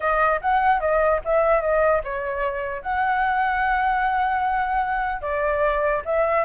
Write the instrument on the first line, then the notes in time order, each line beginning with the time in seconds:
flute
0.00 D#5
0.41 F#5
0.80 D#5
1.24 E5
1.61 D#5
2.04 C#5
2.82 F#5
5.21 D5
6.05 E5